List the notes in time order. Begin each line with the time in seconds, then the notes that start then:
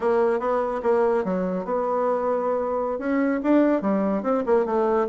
0.00 A#3
0.39 B3
0.83 A#3
1.24 F#3
1.64 B3
2.98 C#4
3.43 D4
3.81 G3
4.22 C4
4.46 A#3
4.65 A3